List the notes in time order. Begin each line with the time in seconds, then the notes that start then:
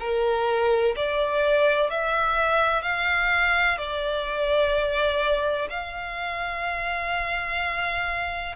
0.00 A#4
0.97 D5
1.90 E5
2.83 F5
3.78 D5
5.70 F5